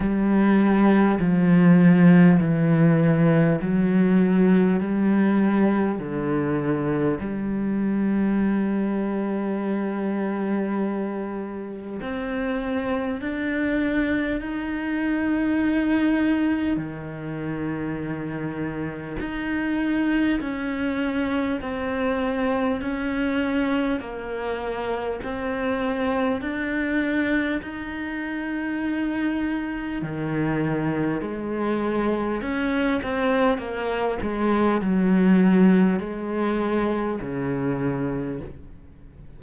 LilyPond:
\new Staff \with { instrumentName = "cello" } { \time 4/4 \tempo 4 = 50 g4 f4 e4 fis4 | g4 d4 g2~ | g2 c'4 d'4 | dis'2 dis2 |
dis'4 cis'4 c'4 cis'4 | ais4 c'4 d'4 dis'4~ | dis'4 dis4 gis4 cis'8 c'8 | ais8 gis8 fis4 gis4 cis4 | }